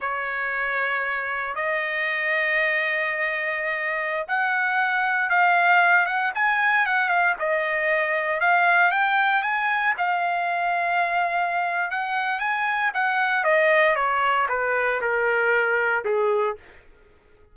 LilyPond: \new Staff \with { instrumentName = "trumpet" } { \time 4/4 \tempo 4 = 116 cis''2. dis''4~ | dis''1~ | dis''16 fis''2 f''4. fis''16~ | fis''16 gis''4 fis''8 f''8 dis''4.~ dis''16~ |
dis''16 f''4 g''4 gis''4 f''8.~ | f''2. fis''4 | gis''4 fis''4 dis''4 cis''4 | b'4 ais'2 gis'4 | }